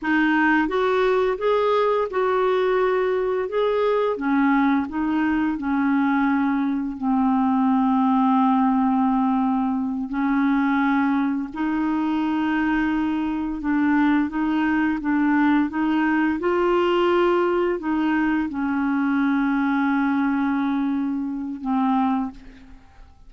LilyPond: \new Staff \with { instrumentName = "clarinet" } { \time 4/4 \tempo 4 = 86 dis'4 fis'4 gis'4 fis'4~ | fis'4 gis'4 cis'4 dis'4 | cis'2 c'2~ | c'2~ c'8 cis'4.~ |
cis'8 dis'2. d'8~ | d'8 dis'4 d'4 dis'4 f'8~ | f'4. dis'4 cis'4.~ | cis'2. c'4 | }